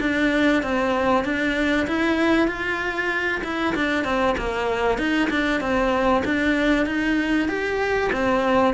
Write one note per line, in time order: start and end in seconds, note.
0.00 0.62 D4
0.62 1.24 C4
1.24 1.87 D4
1.87 2.47 E4
2.47 3.41 F4
3.43 3.75 E4
3.75 4.04 D4
4.04 4.36 C4
4.37 4.98 A#3
4.98 5.29 D#4
5.30 5.61 D4
5.61 6.23 C4
6.24 6.86 D4
6.86 7.48 D#4
7.48 8.11 G4
8.12 8.74 C4